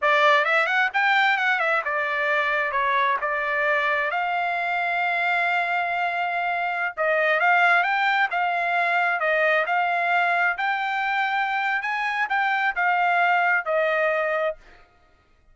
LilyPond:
\new Staff \with { instrumentName = "trumpet" } { \time 4/4 \tempo 4 = 132 d''4 e''8 fis''8 g''4 fis''8 e''8 | d''2 cis''4 d''4~ | d''4 f''2.~ | f''2.~ f''16 dis''8.~ |
dis''16 f''4 g''4 f''4.~ f''16~ | f''16 dis''4 f''2 g''8.~ | g''2 gis''4 g''4 | f''2 dis''2 | }